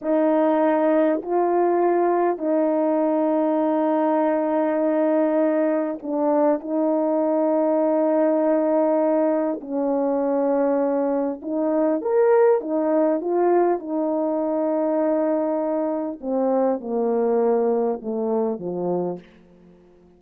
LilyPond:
\new Staff \with { instrumentName = "horn" } { \time 4/4 \tempo 4 = 100 dis'2 f'2 | dis'1~ | dis'2 d'4 dis'4~ | dis'1 |
cis'2. dis'4 | ais'4 dis'4 f'4 dis'4~ | dis'2. c'4 | ais2 a4 f4 | }